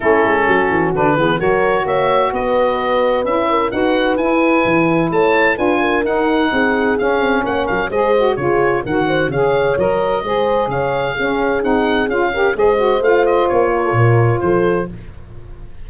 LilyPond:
<<
  \new Staff \with { instrumentName = "oboe" } { \time 4/4 \tempo 4 = 129 a'2 b'4 cis''4 | e''4 dis''2 e''4 | fis''4 gis''2 a''4 | gis''4 fis''2 f''4 |
fis''8 f''8 dis''4 cis''4 fis''4 | f''4 dis''2 f''4~ | f''4 fis''4 f''4 dis''4 | f''8 dis''8 cis''2 c''4 | }
  \new Staff \with { instrumentName = "horn" } { \time 4/4 e'4 fis'4. gis'8 ais'4 | cis''4 b'2~ b'8 ais'8 | b'2. cis''4 | b'8 ais'4. gis'2 |
cis''8 ais'8 c''4 gis'4 ais'8 c''8 | cis''2 c''4 cis''4 | gis'2~ gis'8 ais'8 c''4~ | c''4. ais'16 a'16 ais'4 a'4 | }
  \new Staff \with { instrumentName = "saxophone" } { \time 4/4 cis'2 d'8 b8 fis'4~ | fis'2. e'4 | fis'4 e'2. | f'4 dis'2 cis'4~ |
cis'4 gis'8 fis'8 f'4 fis'4 | gis'4 ais'4 gis'2 | cis'4 dis'4 f'8 g'8 gis'8 fis'8 | f'1 | }
  \new Staff \with { instrumentName = "tuba" } { \time 4/4 a8 gis8 fis8 e8 d8 e8 fis4 | ais4 b2 cis'4 | dis'4 e'4 e4 a4 | d'4 dis'4 c'4 cis'8 c'8 |
ais8 fis8 gis4 cis4 dis4 | cis4 fis4 gis4 cis4 | cis'4 c'4 cis'4 gis4 | a4 ais4 ais,4 f4 | }
>>